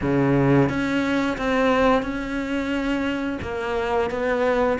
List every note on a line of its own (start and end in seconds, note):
0.01 0.68 C#3
0.68 1.37 C#4
1.37 2.02 C4
2.02 3.38 C#4
3.42 4.10 A#3
4.10 4.78 B3